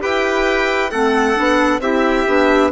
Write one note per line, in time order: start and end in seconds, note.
0.00 0.92 E4
0.00 0.90 G4
0.00 0.91 B4
0.00 0.91 G5
0.91 1.37 A3
0.91 1.35 C4
0.91 1.81 A4
0.91 1.80 F#5
1.35 1.80 B3
1.35 1.80 D4
1.80 2.24 C4
1.80 2.27 E4
1.80 2.72 G4
1.80 2.71 E5
2.27 2.72 B3
2.27 2.72 D4